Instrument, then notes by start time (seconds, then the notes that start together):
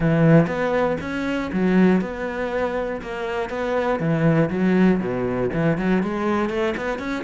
cello
0.00 E3
0.46 B3
1.00 C#4
1.52 F#3
2.01 B3
3.01 A#3
3.49 B3
3.99 E3
4.50 F#3
5.00 B2
5.53 E3
5.77 F#3
6.02 G#3
6.49 A3
6.76 B3
6.98 C#4